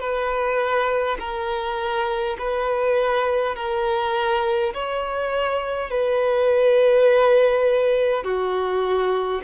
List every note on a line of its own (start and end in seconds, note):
0.00 1.18 B4
1.20 2.37 A#4
2.39 3.56 B4
3.56 4.74 A#4
4.74 5.91 C#5
5.91 8.24 B4
8.24 9.42 F#4